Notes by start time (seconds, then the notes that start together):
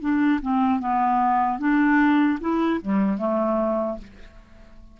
0.00 D4
0.41 C4
0.79 B3
1.59 D4
2.40 E4
2.81 G3
3.18 A3